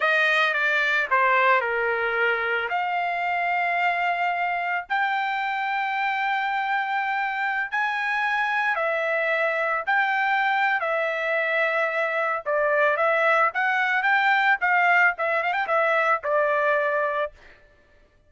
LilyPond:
\new Staff \with { instrumentName = "trumpet" } { \time 4/4 \tempo 4 = 111 dis''4 d''4 c''4 ais'4~ | ais'4 f''2.~ | f''4 g''2.~ | g''2~ g''16 gis''4.~ gis''16~ |
gis''16 e''2 g''4.~ g''16 | e''2. d''4 | e''4 fis''4 g''4 f''4 | e''8 f''16 g''16 e''4 d''2 | }